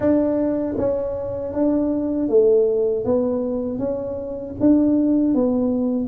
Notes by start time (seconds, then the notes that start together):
0.00 D4
0.77 C#4
1.53 D4
2.28 A3
3.04 B3
3.78 C#4
4.59 D4
5.34 B3